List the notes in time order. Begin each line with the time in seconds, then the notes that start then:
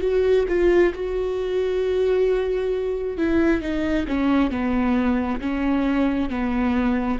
0.00 F#4
0.48 F4
0.94 F#4
3.17 E4
3.61 D#4
4.07 C#4
4.50 B3
5.40 C#4
6.29 B3